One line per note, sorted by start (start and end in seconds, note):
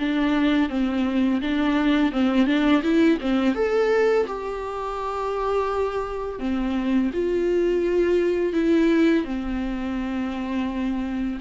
0.00 0.70 D4
0.70 1.41 C4
1.42 2.12 D4
2.12 2.47 C4
2.47 2.82 D4
2.83 3.19 E4
3.21 3.56 C4
3.56 4.27 A4
4.27 6.40 G4
6.40 7.11 C4
7.14 8.54 F4
8.54 9.25 E4
9.25 11.39 C4